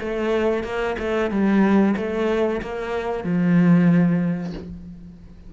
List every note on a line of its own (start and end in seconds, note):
0.00 0.64 A3
0.64 0.96 A#3
0.99 1.31 A3
1.31 1.95 G3
1.97 2.61 A3
2.62 3.24 A#3
3.24 4.53 F3